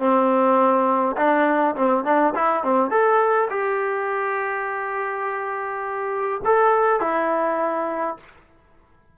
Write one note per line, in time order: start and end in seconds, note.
0.00 1.17 C4
1.17 1.76 D4
1.76 2.05 C4
2.05 2.34 D4
2.35 2.64 E4
2.64 2.91 C4
2.91 3.49 A4
3.51 6.42 G4
6.45 7.01 A4
7.01 8.17 E4